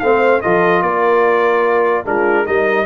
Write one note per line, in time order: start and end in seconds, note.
0.00 0.43 A3
0.00 0.43 C4
0.00 0.43 C5
0.00 0.41 F5
0.42 0.82 F3
0.42 2.05 F4
0.42 0.83 A4
0.42 0.82 D#5
0.82 2.05 A#3
0.82 2.05 A#4
0.82 2.05 D5
2.05 2.47 G#3
2.05 2.46 D4
2.05 2.45 F4
2.05 2.46 A#4
2.45 2.86 G3
2.45 2.86 D#4
2.45 2.86 A#4
2.45 2.86 D#5